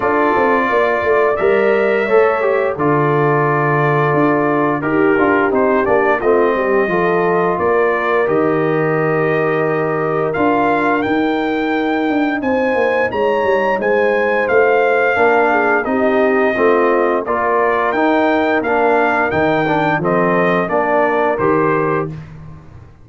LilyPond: <<
  \new Staff \with { instrumentName = "trumpet" } { \time 4/4 \tempo 4 = 87 d''2 e''2 | d''2. ais'4 | c''8 d''8 dis''2 d''4 | dis''2. f''4 |
g''2 gis''4 ais''4 | gis''4 f''2 dis''4~ | dis''4 d''4 g''4 f''4 | g''4 dis''4 d''4 c''4 | }
  \new Staff \with { instrumentName = "horn" } { \time 4/4 a'4 d''2 cis''4 | a'2. g'4~ | g'4 f'8 g'8 a'4 ais'4~ | ais'1~ |
ais'2 c''4 cis''4 | c''2 ais'8 gis'8 g'4 | f'4 ais'2.~ | ais'4 a'4 ais'2 | }
  \new Staff \with { instrumentName = "trombone" } { \time 4/4 f'2 ais'4 a'8 g'8 | f'2. g'8 f'8 | dis'8 d'8 c'4 f'2 | g'2. f'4 |
dis'1~ | dis'2 d'4 dis'4 | c'4 f'4 dis'4 d'4 | dis'8 d'8 c'4 d'4 g'4 | }
  \new Staff \with { instrumentName = "tuba" } { \time 4/4 d'8 c'8 ais8 a8 g4 a4 | d2 d'4 dis'8 d'8 | c'8 ais8 a8 g8 f4 ais4 | dis2. d'4 |
dis'4. d'8 c'8 ais8 gis8 g8 | gis4 a4 ais4 c'4 | a4 ais4 dis'4 ais4 | dis4 f4 ais4 dis4 | }
>>